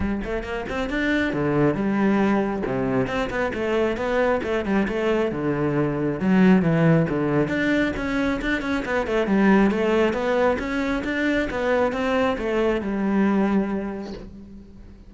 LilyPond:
\new Staff \with { instrumentName = "cello" } { \time 4/4 \tempo 4 = 136 g8 a8 ais8 c'8 d'4 d4 | g2 c4 c'8 b8 | a4 b4 a8 g8 a4 | d2 fis4 e4 |
d4 d'4 cis'4 d'8 cis'8 | b8 a8 g4 a4 b4 | cis'4 d'4 b4 c'4 | a4 g2. | }